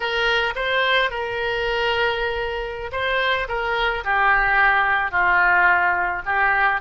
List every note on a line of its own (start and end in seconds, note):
0.00 0.53 A#4
0.55 1.10 C5
1.10 2.91 A#4
2.92 3.47 C5
3.48 4.04 A#4
4.04 5.11 G4
5.11 6.22 F4
6.25 6.80 G4